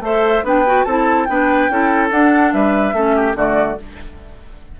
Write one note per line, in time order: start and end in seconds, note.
0.00 0.42 A3
0.00 0.44 A4
0.00 0.45 C5
0.00 0.45 E5
0.44 0.85 B3
0.44 0.65 D4
0.44 0.85 B4
0.44 0.84 G5
0.66 0.87 F#4
0.84 1.28 C4
0.84 1.28 E4
0.84 1.27 A4
0.84 1.25 A5
1.25 1.69 B3
1.25 1.70 D4
1.25 1.71 B4
1.25 2.08 G5
1.69 2.11 C#4
1.69 2.10 E4
1.69 2.54 A4
2.10 2.94 D4
2.10 2.52 D4
2.10 2.52 F#5
2.52 2.93 G3
2.52 2.95 B4
2.52 3.35 E5
2.93 3.35 A3
2.93 3.35 C#4
2.93 3.15 A4
3.15 3.36 G4
3.35 3.77 D3
3.35 3.77 A3
3.35 3.78 F#4
3.35 3.80 D5